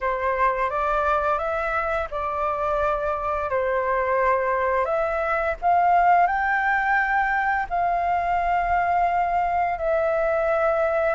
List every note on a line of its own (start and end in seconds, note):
0.01 0.70 C5
0.70 1.38 D5
1.38 2.08 E5
2.11 3.49 D5
3.49 4.85 C5
4.85 5.55 E5
5.61 6.26 F5
6.26 7.66 G5
7.69 9.78 F5
9.78 11.14 E5